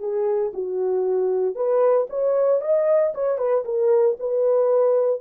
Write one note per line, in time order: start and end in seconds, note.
0.00 0.52 G#4
0.54 1.55 F#4
1.55 2.08 B4
2.10 2.61 C#5
2.61 3.14 D#5
3.15 3.38 C#5
3.38 3.64 B4
3.65 4.17 A#4
4.20 5.21 B4